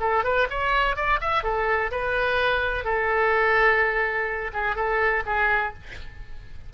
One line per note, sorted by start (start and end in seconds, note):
0.00 0.24 A4
0.24 0.48 B4
0.50 0.96 C#5
0.96 1.19 D5
1.21 1.43 E5
1.43 1.91 A4
1.91 2.84 B4
2.84 4.51 A4
4.53 4.76 G#4
4.76 5.23 A4
5.26 5.73 G#4